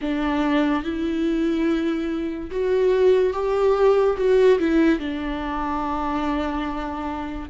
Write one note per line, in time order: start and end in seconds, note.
0.01 0.83 D4
0.83 2.50 E4
2.50 3.33 F#4
3.33 4.16 G4
4.17 4.58 F#4
4.59 4.98 E4
4.98 7.48 D4